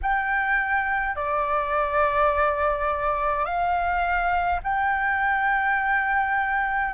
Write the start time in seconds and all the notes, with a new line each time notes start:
0.02 G5
1.15 D5
3.45 F5
4.63 G5